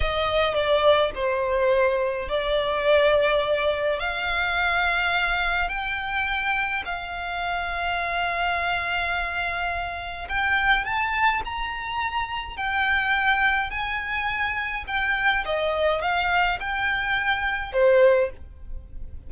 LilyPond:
\new Staff \with { instrumentName = "violin" } { \time 4/4 \tempo 4 = 105 dis''4 d''4 c''2 | d''2. f''4~ | f''2 g''2 | f''1~ |
f''2 g''4 a''4 | ais''2 g''2 | gis''2 g''4 dis''4 | f''4 g''2 c''4 | }